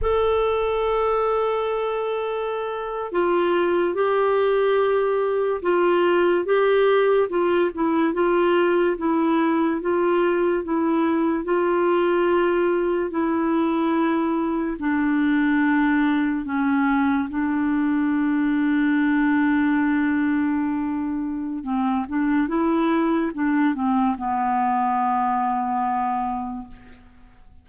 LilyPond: \new Staff \with { instrumentName = "clarinet" } { \time 4/4 \tempo 4 = 72 a'2.~ a'8. f'16~ | f'8. g'2 f'4 g'16~ | g'8. f'8 e'8 f'4 e'4 f'16~ | f'8. e'4 f'2 e'16~ |
e'4.~ e'16 d'2 cis'16~ | cis'8. d'2.~ d'16~ | d'2 c'8 d'8 e'4 | d'8 c'8 b2. | }